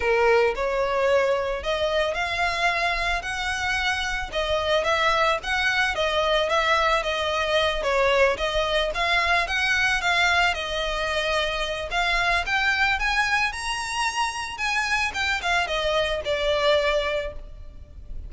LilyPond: \new Staff \with { instrumentName = "violin" } { \time 4/4 \tempo 4 = 111 ais'4 cis''2 dis''4 | f''2 fis''2 | dis''4 e''4 fis''4 dis''4 | e''4 dis''4. cis''4 dis''8~ |
dis''8 f''4 fis''4 f''4 dis''8~ | dis''2 f''4 g''4 | gis''4 ais''2 gis''4 | g''8 f''8 dis''4 d''2 | }